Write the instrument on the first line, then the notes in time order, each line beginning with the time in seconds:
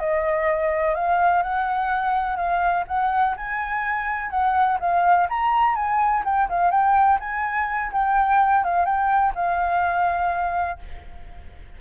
flute
0.00 D#5
0.95 F5
1.43 F#5
2.37 F5
2.88 F#5
3.37 G#5
4.30 F#5
4.80 F5
5.30 A#5
5.76 G#5
6.25 G5
6.49 F5
6.71 G5
7.20 G#5
7.92 G5
8.64 F5
8.86 G5
9.35 F5